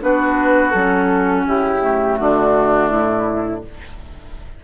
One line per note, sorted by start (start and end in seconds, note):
0.00 0.73 B3
0.00 0.72 D4
0.00 1.46 F#4
0.00 0.70 B4
0.70 1.46 F#3
0.70 1.42 A4
0.77 1.80 C#4
1.46 2.18 C#3
1.46 2.19 E4
1.46 2.16 G4
1.80 3.61 A3
2.16 2.91 D3
2.16 3.63 D4
2.16 2.89 F#4
2.89 3.64 A2
2.89 3.61 E4